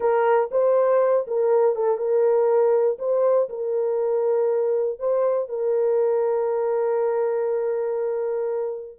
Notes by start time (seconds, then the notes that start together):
0.00 A#4
0.51 C5
1.27 A#4
1.75 A4
1.97 A#4
2.99 C5
3.49 A#4
4.99 C5
5.48 A#4